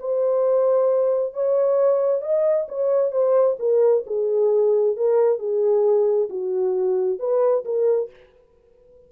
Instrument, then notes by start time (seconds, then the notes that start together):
horn
0.00 C5
1.34 C#5
2.22 D#5
2.69 C#5
3.12 C5
3.60 A#4
4.07 G#4
4.97 A#4
5.39 G#4
6.30 F#4
7.20 B4
7.65 A#4